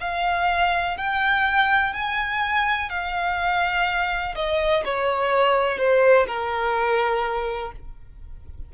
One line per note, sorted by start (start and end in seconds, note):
0.00 0.97 F5
0.97 1.93 G5
1.93 2.89 G#5
2.89 4.34 F5
4.35 4.83 D#5
4.85 5.78 C#5
5.78 6.26 C5
6.26 7.72 A#4